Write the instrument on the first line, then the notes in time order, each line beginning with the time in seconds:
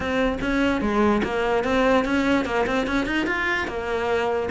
cello
0.00 C4
0.41 C#4
0.81 G#3
1.23 A#3
1.63 C4
2.04 C#4
2.45 A#3
2.66 C4
2.86 C#4
3.06 D#4
3.26 F4
3.67 A#3